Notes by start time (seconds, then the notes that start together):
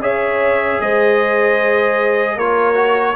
0.00 C#4 G#4 C#5 E5
0.80 G#3 C5 D#5
2.36 A#3 F4 A#4 C#5
2.74 F#4